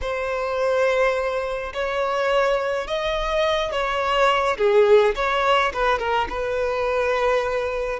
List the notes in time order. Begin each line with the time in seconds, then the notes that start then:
0.01 C5
1.73 C#5
2.87 D#5
3.71 C#5
4.57 G#4
5.15 C#5
5.73 B4
5.98 A#4
6.29 B4